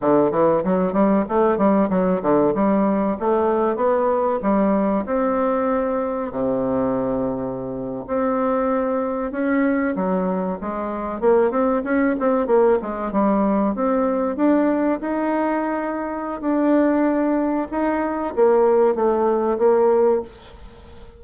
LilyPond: \new Staff \with { instrumentName = "bassoon" } { \time 4/4 \tempo 4 = 95 d8 e8 fis8 g8 a8 g8 fis8 d8 | g4 a4 b4 g4 | c'2 c2~ | c8. c'2 cis'4 fis16~ |
fis8. gis4 ais8 c'8 cis'8 c'8 ais16~ | ais16 gis8 g4 c'4 d'4 dis'16~ | dis'2 d'2 | dis'4 ais4 a4 ais4 | }